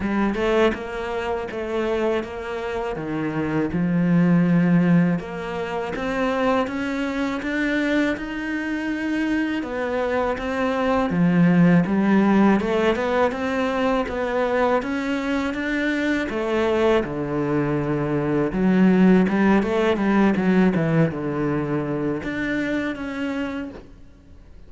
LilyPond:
\new Staff \with { instrumentName = "cello" } { \time 4/4 \tempo 4 = 81 g8 a8 ais4 a4 ais4 | dis4 f2 ais4 | c'4 cis'4 d'4 dis'4~ | dis'4 b4 c'4 f4 |
g4 a8 b8 c'4 b4 | cis'4 d'4 a4 d4~ | d4 fis4 g8 a8 g8 fis8 | e8 d4. d'4 cis'4 | }